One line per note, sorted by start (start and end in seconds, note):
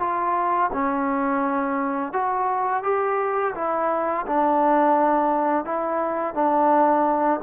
0.00 0.71 F4
0.73 2.13 C#4
2.13 2.84 F#4
2.84 3.55 G4
3.55 4.26 E4
4.27 5.65 D4
5.65 6.35 E4
6.35 7.41 D4